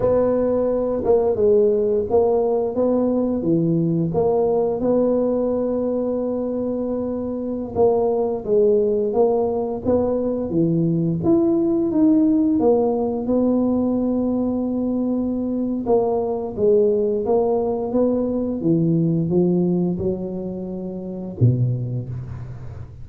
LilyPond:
\new Staff \with { instrumentName = "tuba" } { \time 4/4 \tempo 4 = 87 b4. ais8 gis4 ais4 | b4 e4 ais4 b4~ | b2.~ b16 ais8.~ | ais16 gis4 ais4 b4 e8.~ |
e16 e'4 dis'4 ais4 b8.~ | b2. ais4 | gis4 ais4 b4 e4 | f4 fis2 b,4 | }